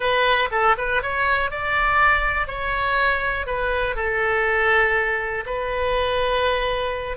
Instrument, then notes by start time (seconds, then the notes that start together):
oboe
0.00 B4
0.51 A4
0.77 B4
1.02 C#5
1.50 D5
2.47 C#5
3.46 B4
3.95 A4
5.46 B4